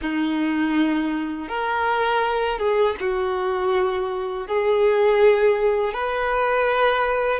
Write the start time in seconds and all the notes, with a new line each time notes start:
0.01 D#4
1.48 A#4
2.58 G#4
3.00 F#4
4.47 G#4
5.93 B4